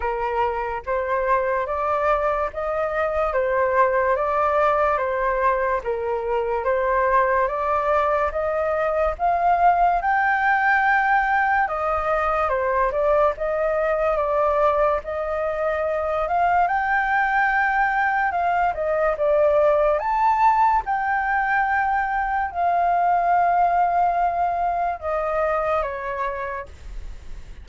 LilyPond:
\new Staff \with { instrumentName = "flute" } { \time 4/4 \tempo 4 = 72 ais'4 c''4 d''4 dis''4 | c''4 d''4 c''4 ais'4 | c''4 d''4 dis''4 f''4 | g''2 dis''4 c''8 d''8 |
dis''4 d''4 dis''4. f''8 | g''2 f''8 dis''8 d''4 | a''4 g''2 f''4~ | f''2 dis''4 cis''4 | }